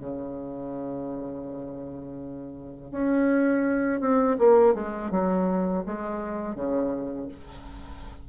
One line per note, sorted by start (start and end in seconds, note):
0.00 2.92 C#3
2.92 4.01 C#4
4.01 4.38 C4
4.39 4.75 A#3
4.75 5.11 G#3
5.11 5.84 F#3
5.86 6.56 G#3
6.56 7.29 C#3